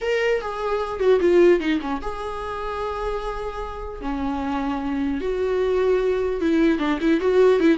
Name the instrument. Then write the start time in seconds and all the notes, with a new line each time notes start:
viola
0.01 A#4
0.41 G#4
0.99 F#4
1.20 F4
1.59 D#4
1.81 C#4
2.01 G#4
4.01 C#4
5.21 F#4
6.40 E4
6.79 D4
7.00 E4
7.20 F#4
7.60 E4